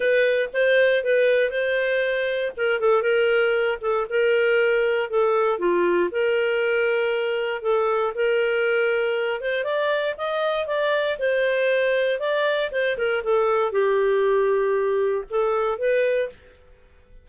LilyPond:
\new Staff \with { instrumentName = "clarinet" } { \time 4/4 \tempo 4 = 118 b'4 c''4 b'4 c''4~ | c''4 ais'8 a'8 ais'4. a'8 | ais'2 a'4 f'4 | ais'2. a'4 |
ais'2~ ais'8 c''8 d''4 | dis''4 d''4 c''2 | d''4 c''8 ais'8 a'4 g'4~ | g'2 a'4 b'4 | }